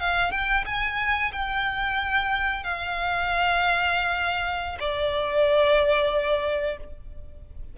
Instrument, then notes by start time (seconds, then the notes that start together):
violin
0.00 F5
0.31 G5
0.66 G#5
1.32 G5
2.64 F5
4.80 D5